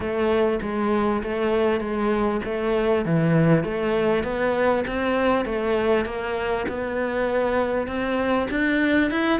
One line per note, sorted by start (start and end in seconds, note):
0.00 0.59 A3
0.62 1.22 G#3
1.23 1.80 A3
1.80 2.40 G#3
2.44 3.05 A3
3.05 3.64 E3
3.64 4.23 A3
4.23 4.84 B3
4.87 5.45 C4
5.45 6.05 A3
6.05 6.65 A#3
6.68 7.87 B3
7.87 8.47 C4
8.50 9.10 D4
9.10 9.40 E4